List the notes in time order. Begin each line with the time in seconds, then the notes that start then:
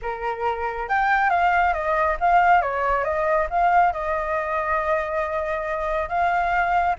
0.02 A#4
0.88 G5
1.29 F5
1.73 D#5
2.20 F5
2.61 C#5
3.03 D#5
3.50 F5
3.92 D#5
6.08 F5